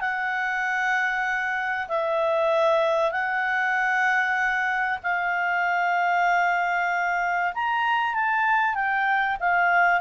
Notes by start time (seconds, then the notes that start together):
0.00 F#5
1.88 E5
3.11 F#5
5.03 F5
7.54 A#5
8.14 A5
8.74 G5
9.39 F5